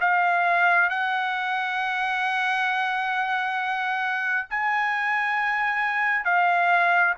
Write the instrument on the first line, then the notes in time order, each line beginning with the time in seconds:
trumpet
0.00 F5
0.89 F#5
4.50 G#5
6.24 F5